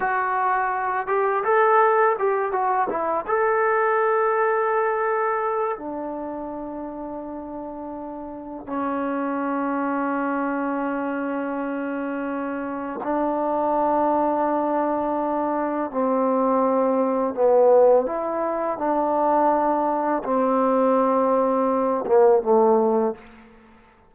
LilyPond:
\new Staff \with { instrumentName = "trombone" } { \time 4/4 \tempo 4 = 83 fis'4. g'8 a'4 g'8 fis'8 | e'8 a'2.~ a'8 | d'1 | cis'1~ |
cis'2 d'2~ | d'2 c'2 | b4 e'4 d'2 | c'2~ c'8 ais8 a4 | }